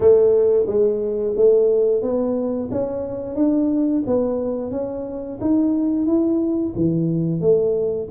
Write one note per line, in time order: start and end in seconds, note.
0.00 0.66 A3
0.66 1.34 G#3
1.36 2.02 A3
2.02 2.69 B3
2.71 3.35 C#4
3.35 4.03 D4
4.06 4.71 B3
4.71 5.38 C#4
5.40 6.06 D#4
6.06 6.73 E4
6.75 7.40 E3
7.40 8.08 A3